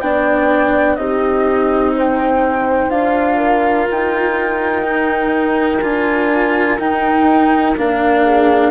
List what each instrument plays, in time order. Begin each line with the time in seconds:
0.00 bassoon B3, cello D4, horn D5, flute G5
0.96 bassoon C4, cello D#4, horn G4, flute D#5
1.95 horn C5, flute G5
2.89 bassoon D4, cello F4, flute F5
3.37 horn A#4
3.91 bassoon D#4, flute G5
4.82 cello D#4
5.81 bassoon D4, cello F4, flute G#5
6.79 bassoon D#4, cello D#4, flute G5
7.76 bassoon A#3, cello D4, flute F5
8.24 horn G#4